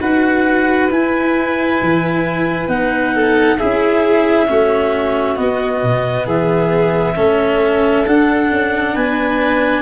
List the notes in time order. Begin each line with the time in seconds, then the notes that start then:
0.00 D#4 F#4 B4 F#5
0.90 E4 G#5
1.82 E3
2.67 B3 D#4 F#5
3.14 A4
3.58 C#4 E4 G#4 E5
4.47 A3 C#4 F#4
5.36 B3 D#5
5.83 B2
6.25 E3 G#4 E5
7.15 A3 C#4 A4
8.06 D4 F#5
8.51 C#4
8.94 B3 B4 G#5